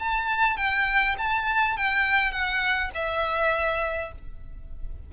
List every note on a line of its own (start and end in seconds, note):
0.00 0.57 A5
0.57 1.16 G5
1.19 1.77 A5
1.77 2.32 G5
2.32 2.91 F#5
2.95 4.12 E5